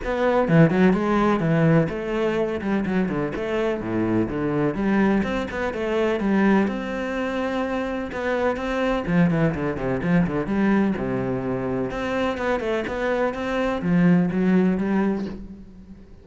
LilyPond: \new Staff \with { instrumentName = "cello" } { \time 4/4 \tempo 4 = 126 b4 e8 fis8 gis4 e4 | a4. g8 fis8 d8 a4 | a,4 d4 g4 c'8 b8 | a4 g4 c'2~ |
c'4 b4 c'4 f8 e8 | d8 c8 f8 d8 g4 c4~ | c4 c'4 b8 a8 b4 | c'4 f4 fis4 g4 | }